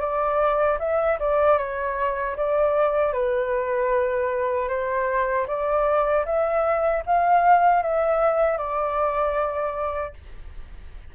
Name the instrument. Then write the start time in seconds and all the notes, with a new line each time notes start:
flute
0.00 D5
0.79 E5
1.20 D5
1.58 C#5
2.37 D5
3.13 B4
4.69 C5
5.48 D5
6.26 E5
7.06 F5
7.82 E5
8.58 D5